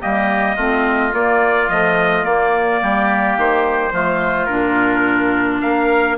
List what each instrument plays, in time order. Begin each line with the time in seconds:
0.00 bassoon G3, clarinet A#3, oboe G4, trumpet D#5
0.56 bassoon A3, clarinet C4, oboe F4
1.11 clarinet A#3, bassoon A#3, trumpet D5
1.68 clarinet F3, bassoon A3, trumpet D#5
2.23 clarinet A#3, bassoon A#3, trumpet D5
2.82 bassoon G3, oboe G4
3.37 bassoon D#3, trumpet C5
3.92 bassoon F3, clarinet A3, oboe F4
4.46 bassoon A#2, clarinet D4, trumpet A#4
5.61 bassoon A#3, oboe A#4, trumpet F5